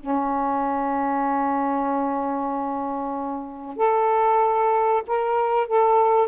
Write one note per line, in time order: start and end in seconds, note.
0.00 3.76 C#4
3.76 5.03 A4
5.07 5.67 A#4
5.67 6.28 A4